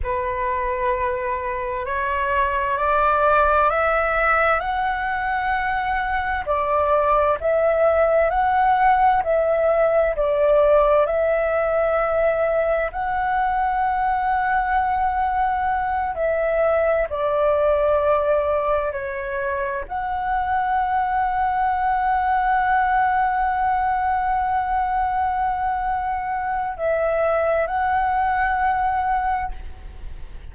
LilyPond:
\new Staff \with { instrumentName = "flute" } { \time 4/4 \tempo 4 = 65 b'2 cis''4 d''4 | e''4 fis''2 d''4 | e''4 fis''4 e''4 d''4 | e''2 fis''2~ |
fis''4. e''4 d''4.~ | d''8 cis''4 fis''2~ fis''8~ | fis''1~ | fis''4 e''4 fis''2 | }